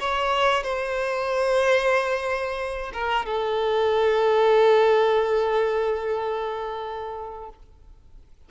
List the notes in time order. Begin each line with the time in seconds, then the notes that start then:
0.00 C#5
0.63 C5
2.93 A#4
3.25 A4